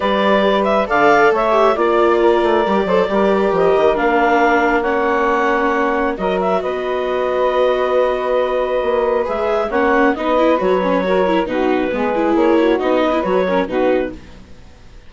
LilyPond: <<
  \new Staff \with { instrumentName = "clarinet" } { \time 4/4 \tempo 4 = 136 d''4. e''8 f''4 e''4 | d''1 | dis''4 f''2 fis''4~ | fis''2 dis''8 e''8 dis''4~ |
dis''1~ | dis''4 e''4 fis''4 dis''4 | cis''2 b'2 | cis''4 dis''4 cis''4 b'4 | }
  \new Staff \with { instrumentName = "saxophone" } { \time 4/4 b'2 d''4 cis''4 | d''4 ais'4. c''8 ais'4~ | ais'2. cis''4~ | cis''2 ais'4 b'4~ |
b'1~ | b'2 cis''4 b'4~ | b'4 ais'4 fis'4 gis'4~ | gis'8 fis'4 b'4 ais'8 fis'4 | }
  \new Staff \with { instrumentName = "viola" } { \time 4/4 g'2 a'4. g'8 | f'2 g'8 a'8 g'4~ | g'4 d'2 cis'4~ | cis'2 fis'2~ |
fis'1~ | fis'4 gis'4 cis'4 dis'8 e'8 | fis'8 cis'8 fis'8 e'8 dis'4 b8 e'8~ | e'4 dis'8. e'16 fis'8 cis'8 dis'4 | }
  \new Staff \with { instrumentName = "bassoon" } { \time 4/4 g2 d4 a4 | ais4. a8 g8 fis8 g4 | f8 dis8 ais2.~ | ais2 fis4 b4~ |
b1 | ais4 gis4 ais4 b4 | fis2 b,4 gis4 | ais4 b4 fis4 b,4 | }
>>